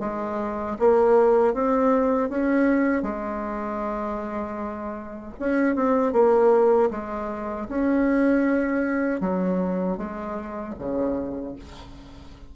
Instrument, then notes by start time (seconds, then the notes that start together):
bassoon
0.00 G#3
0.79 A#3
1.54 C4
2.30 C#4
3.03 G#3
5.40 C#4
5.76 C4
6.13 A#3
6.91 G#3
7.69 C#4
9.21 F#3
9.98 G#3
10.79 C#3